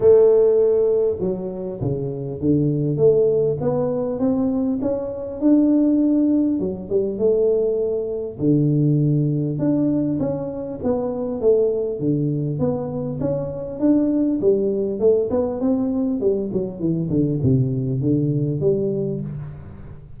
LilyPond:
\new Staff \with { instrumentName = "tuba" } { \time 4/4 \tempo 4 = 100 a2 fis4 cis4 | d4 a4 b4 c'4 | cis'4 d'2 fis8 g8 | a2 d2 |
d'4 cis'4 b4 a4 | d4 b4 cis'4 d'4 | g4 a8 b8 c'4 g8 fis8 | e8 d8 c4 d4 g4 | }